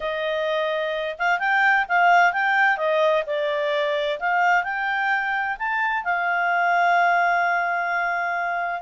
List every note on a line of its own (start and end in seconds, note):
0.00 1.16 D#5
1.18 1.39 F5
1.39 1.85 G5
1.88 2.33 F5
2.33 2.77 G5
2.77 3.23 D#5
3.26 4.19 D5
4.19 4.63 F5
4.63 5.56 G5
5.59 6.04 A5
6.04 8.82 F5